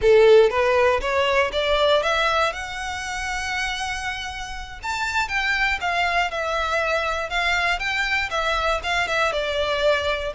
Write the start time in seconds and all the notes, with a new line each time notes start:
0.01 A4
0.50 B4
1.00 C#5
1.52 D5
2.02 E5
2.52 F#5
4.82 A5
5.28 G5
5.81 F5
6.30 E5
7.29 F5
7.79 G5
8.30 E5
8.83 F5
9.07 E5
9.32 D5